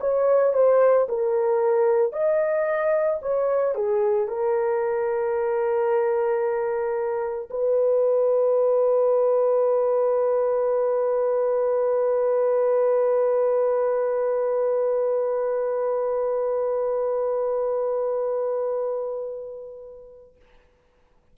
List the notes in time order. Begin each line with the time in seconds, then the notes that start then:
0.00 C#5
0.53 C5
1.09 A#4
2.12 D#5
3.21 C#5
3.75 G#4
4.28 A#4
7.50 B4